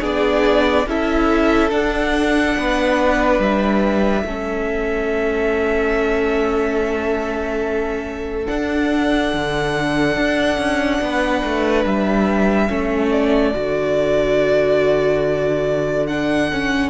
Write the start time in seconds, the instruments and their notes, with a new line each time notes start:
0.00 cello B3, viola D4, violin G#4 D5
0.86 cello C#4, viola E4, violin A4 E5
1.70 viola D4, cello D4, violin F#5
2.56 cello B3, violin B4
3.38 cello G3, violin E5
4.24 cello A3, viola C#4, violin A4
8.45 viola D4, cello D4, violin F#5
9.33 cello D3
10.17 cello D4
10.58 cello C#4
11.01 cello B3, violin B4
11.44 cello A3
11.84 cello G3, violin E5
12.68 cello A3, viola C#4, violin A4
13.11 violin D5
13.54 cello D3, viola F#4
16.07 viola D4, violin F#5
16.52 viola C#4